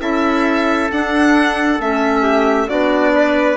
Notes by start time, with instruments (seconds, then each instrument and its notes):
0.00 bassoon C#4, clarinet E4, trumpet A4, violin E5
0.92 bassoon D4, clarinet D4, violin F#5
1.80 bassoon A3, clarinet C#4, violin E5
2.23 trumpet G4
2.69 bassoon B3, clarinet D4, trumpet F#4, violin D5
3.16 trumpet B4